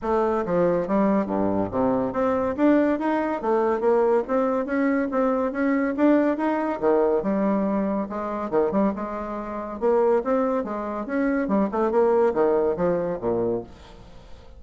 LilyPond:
\new Staff \with { instrumentName = "bassoon" } { \time 4/4 \tempo 4 = 141 a4 f4 g4 g,4 | c4 c'4 d'4 dis'4 | a4 ais4 c'4 cis'4 | c'4 cis'4 d'4 dis'4 |
dis4 g2 gis4 | dis8 g8 gis2 ais4 | c'4 gis4 cis'4 g8 a8 | ais4 dis4 f4 ais,4 | }